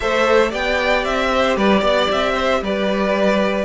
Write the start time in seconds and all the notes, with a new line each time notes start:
0.00 A3 A4 C5 E5
0.49 B3 G4 D5 G5
1.04 C4 E5
1.32 C5
1.56 G3 B4 D5
1.79 B3 D5
2.09 C4 E5
2.33 C5
2.61 G3 B4 D5